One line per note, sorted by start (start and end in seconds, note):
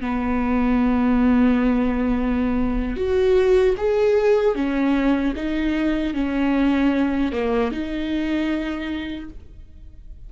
0.00 2.96 B3
2.96 3.75 F#4
3.77 4.55 G#4
4.55 5.34 C#4
5.35 6.14 D#4
6.14 7.32 C#4
7.32 7.71 A#3
7.71 9.29 D#4